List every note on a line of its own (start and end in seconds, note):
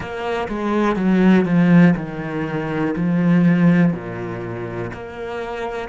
0.00 0.48 A#3
0.48 0.96 G#3
0.96 1.45 F#3
1.45 1.94 F3
1.96 2.95 D#3
2.96 3.93 F3
3.93 4.91 A#2
4.93 5.88 A#3